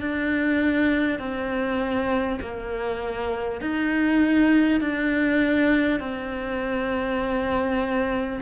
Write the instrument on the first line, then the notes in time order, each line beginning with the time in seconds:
cello
0.00 D4
1.18 C4
2.41 A#3
3.61 D#4
4.81 D4
5.99 C4